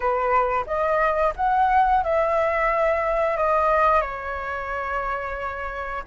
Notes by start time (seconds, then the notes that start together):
0.00 B4
0.66 D#5
1.36 F#5
2.03 E5
3.37 D#5
4.01 C#5